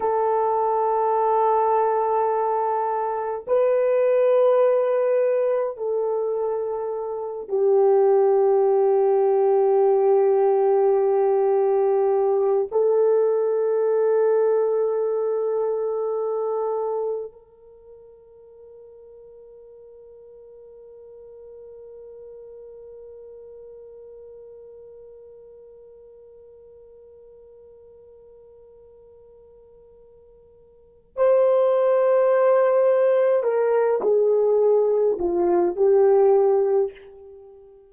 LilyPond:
\new Staff \with { instrumentName = "horn" } { \time 4/4 \tempo 4 = 52 a'2. b'4~ | b'4 a'4. g'4.~ | g'2. a'4~ | a'2. ais'4~ |
ais'1~ | ais'1~ | ais'2. c''4~ | c''4 ais'8 gis'4 f'8 g'4 | }